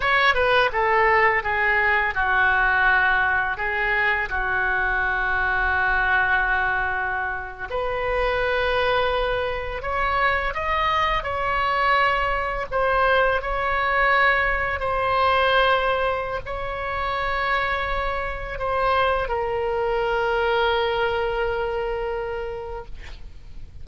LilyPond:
\new Staff \with { instrumentName = "oboe" } { \time 4/4 \tempo 4 = 84 cis''8 b'8 a'4 gis'4 fis'4~ | fis'4 gis'4 fis'2~ | fis'2~ fis'8. b'4~ b'16~ | b'4.~ b'16 cis''4 dis''4 cis''16~ |
cis''4.~ cis''16 c''4 cis''4~ cis''16~ | cis''8. c''2~ c''16 cis''4~ | cis''2 c''4 ais'4~ | ais'1 | }